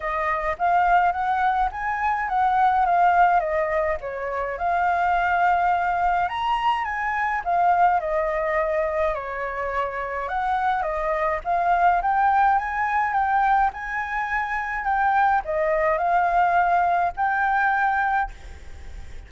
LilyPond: \new Staff \with { instrumentName = "flute" } { \time 4/4 \tempo 4 = 105 dis''4 f''4 fis''4 gis''4 | fis''4 f''4 dis''4 cis''4 | f''2. ais''4 | gis''4 f''4 dis''2 |
cis''2 fis''4 dis''4 | f''4 g''4 gis''4 g''4 | gis''2 g''4 dis''4 | f''2 g''2 | }